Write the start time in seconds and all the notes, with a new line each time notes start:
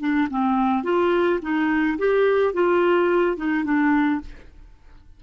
0.00 D4
0.30 C4
0.83 F4
1.42 D#4
1.98 G4
2.54 F4
3.37 D#4
3.65 D4